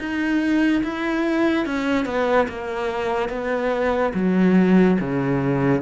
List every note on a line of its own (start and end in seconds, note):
0.00 0.83 D#4
0.84 1.66 E4
1.66 2.06 C#4
2.06 2.47 B3
2.49 3.30 A#3
3.30 4.13 B3
4.15 4.98 F#3
5.01 5.82 C#3